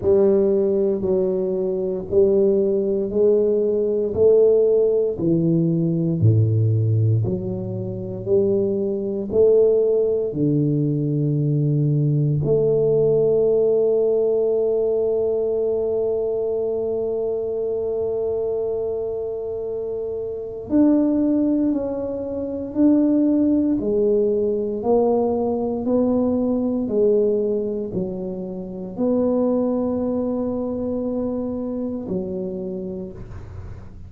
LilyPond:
\new Staff \with { instrumentName = "tuba" } { \time 4/4 \tempo 4 = 58 g4 fis4 g4 gis4 | a4 e4 a,4 fis4 | g4 a4 d2 | a1~ |
a1 | d'4 cis'4 d'4 gis4 | ais4 b4 gis4 fis4 | b2. fis4 | }